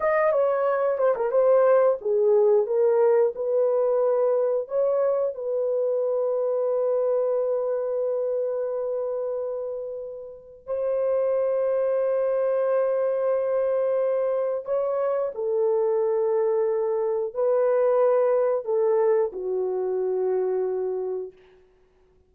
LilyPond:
\new Staff \with { instrumentName = "horn" } { \time 4/4 \tempo 4 = 90 dis''8 cis''4 c''16 ais'16 c''4 gis'4 | ais'4 b'2 cis''4 | b'1~ | b'1 |
c''1~ | c''2 cis''4 a'4~ | a'2 b'2 | a'4 fis'2. | }